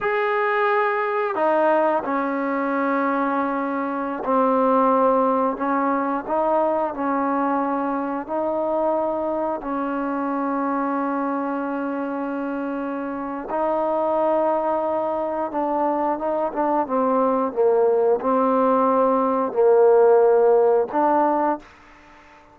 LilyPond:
\new Staff \with { instrumentName = "trombone" } { \time 4/4 \tempo 4 = 89 gis'2 dis'4 cis'4~ | cis'2~ cis'16 c'4.~ c'16~ | c'16 cis'4 dis'4 cis'4.~ cis'16~ | cis'16 dis'2 cis'4.~ cis'16~ |
cis'1 | dis'2. d'4 | dis'8 d'8 c'4 ais4 c'4~ | c'4 ais2 d'4 | }